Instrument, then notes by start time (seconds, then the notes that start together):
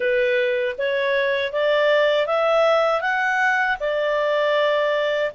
clarinet
0.00 B4
0.78 C#5
1.52 D5
2.26 E5
3.01 F#5
3.80 D5